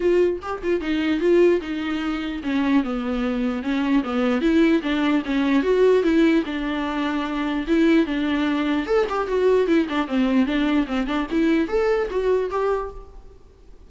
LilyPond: \new Staff \with { instrumentName = "viola" } { \time 4/4 \tempo 4 = 149 f'4 g'8 f'8 dis'4 f'4 | dis'2 cis'4 b4~ | b4 cis'4 b4 e'4 | d'4 cis'4 fis'4 e'4 |
d'2. e'4 | d'2 a'8 g'8 fis'4 | e'8 d'8 c'4 d'4 c'8 d'8 | e'4 a'4 fis'4 g'4 | }